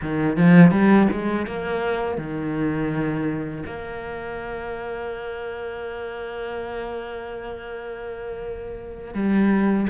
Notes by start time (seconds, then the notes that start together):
0.01 D#3
0.37 F3
0.71 G3
1.12 G#3
1.46 A#3
2.18 D#3
3.66 A#3
9.13 G3